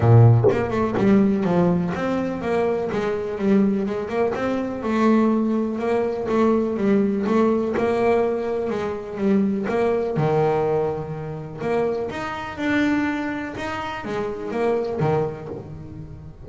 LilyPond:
\new Staff \with { instrumentName = "double bass" } { \time 4/4 \tempo 4 = 124 ais,4 ais8 a8 g4 f4 | c'4 ais4 gis4 g4 | gis8 ais8 c'4 a2 | ais4 a4 g4 a4 |
ais2 gis4 g4 | ais4 dis2. | ais4 dis'4 d'2 | dis'4 gis4 ais4 dis4 | }